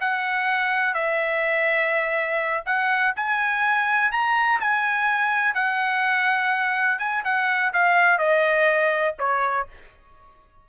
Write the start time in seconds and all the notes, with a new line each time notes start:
0.00 F#5
0.94 E5
2.65 F#5
3.16 G#5
4.11 A#5
4.60 G#5
5.54 F#5
6.99 G#5
7.24 F#5
7.73 F5
8.18 D#5
9.18 C#5